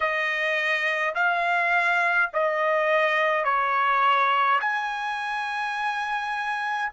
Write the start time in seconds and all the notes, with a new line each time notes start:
0.00 D#5
1.14 F5
2.33 D#5
3.44 C#5
4.60 G#5